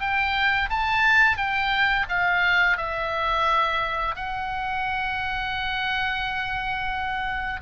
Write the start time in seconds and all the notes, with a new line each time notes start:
0.00 G5
0.69 A5
1.37 G5
2.08 F5
2.77 E5
4.15 F#5